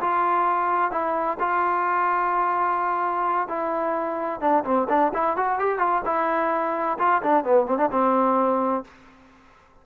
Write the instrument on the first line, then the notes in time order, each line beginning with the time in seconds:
trombone
0.00 F4
0.91 E4
1.40 F4
3.48 E4
4.41 D4
4.64 C4
4.89 D4
5.14 E4
5.36 F#4
5.59 G4
5.79 F4
6.05 E4
6.98 F4
7.22 D4
7.44 B3
7.67 C4
7.78 D4
7.91 C4